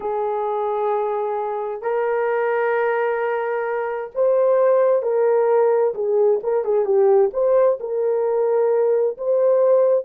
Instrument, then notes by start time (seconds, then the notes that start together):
horn
0.00 G#4
1.82 A#4
4.14 C5
5.02 A#4
5.94 G#4
6.43 A#4
6.64 G#4
6.85 G4
7.33 C5
7.79 A#4
9.17 C5